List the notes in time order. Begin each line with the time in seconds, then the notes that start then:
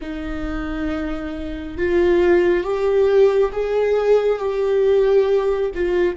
0.01 D#4
1.77 F4
2.63 G4
3.52 G#4
4.38 G4
5.74 F4